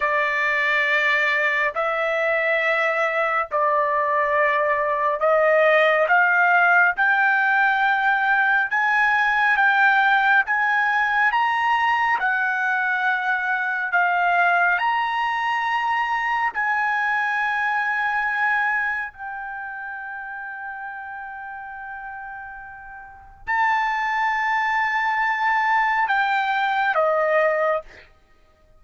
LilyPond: \new Staff \with { instrumentName = "trumpet" } { \time 4/4 \tempo 4 = 69 d''2 e''2 | d''2 dis''4 f''4 | g''2 gis''4 g''4 | gis''4 ais''4 fis''2 |
f''4 ais''2 gis''4~ | gis''2 g''2~ | g''2. a''4~ | a''2 g''4 dis''4 | }